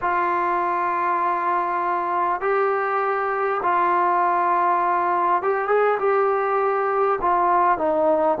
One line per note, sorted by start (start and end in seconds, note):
0.01 2.41 F4
2.41 3.61 G4
3.62 5.42 F4
5.42 5.67 G4
5.67 5.97 G#4
5.99 7.19 G4
7.21 7.78 F4
7.78 8.38 D#4